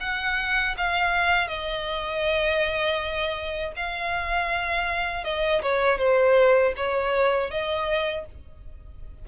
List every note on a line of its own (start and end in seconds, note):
0.00 0.75 F#5
0.77 1.47 F5
1.47 3.72 D#5
3.76 5.24 F5
5.24 5.61 D#5
5.62 5.98 C#5
5.98 6.73 C5
6.76 7.50 C#5
7.50 8.25 D#5